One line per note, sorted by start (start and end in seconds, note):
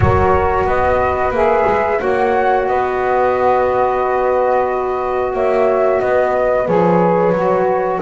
0.00 0.64 F#3
0.00 1.32 F#4
0.00 0.68 A#4
0.00 0.66 C#5
0.64 1.30 B3
0.64 2.00 B4
0.64 1.33 D#5
1.30 1.63 A#3
1.30 1.98 G#4
1.30 1.99 E5
1.67 2.00 G#3
1.98 2.68 A#3
1.98 6.65 F#4
1.98 2.67 C#5
1.98 2.66 F#5
2.67 5.33 B3
2.67 5.33 B4
2.67 5.33 D#5
5.33 6.00 A#3
5.33 6.00 C#5
5.33 6.00 E5
6.00 6.68 B3
6.00 8.01 B4
6.00 6.67 D#5
6.67 7.32 F3
6.67 7.33 G#4
6.67 8.00 C#5
7.32 7.99 F#3
7.32 8.01 F#4